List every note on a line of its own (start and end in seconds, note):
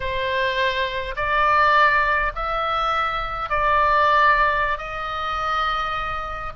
0.00 1.15 C5
1.15 2.32 D5
2.35 3.49 E5
3.49 4.78 D5
4.78 6.52 D#5